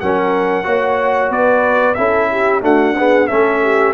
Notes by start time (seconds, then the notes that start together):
0.00 F#3 C#4 A#4 F#5
0.63 A#3 F#4 C#5
1.30 B3 B4 D5
1.95 C#4 E4 A4 E5
2.30 G4
2.61 A3 D4 F#4 F#5
2.98 B3 G#4
3.27 A3 C#4 A4 E5
3.63 G4